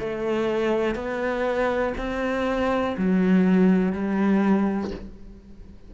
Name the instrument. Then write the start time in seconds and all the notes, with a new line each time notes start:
cello
0.00 A3
0.95 B3
1.98 C4
2.98 F#3
3.93 G3